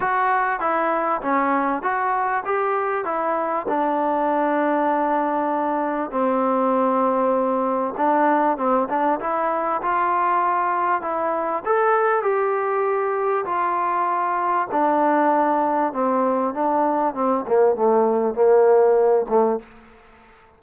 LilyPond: \new Staff \with { instrumentName = "trombone" } { \time 4/4 \tempo 4 = 98 fis'4 e'4 cis'4 fis'4 | g'4 e'4 d'2~ | d'2 c'2~ | c'4 d'4 c'8 d'8 e'4 |
f'2 e'4 a'4 | g'2 f'2 | d'2 c'4 d'4 | c'8 ais8 a4 ais4. a8 | }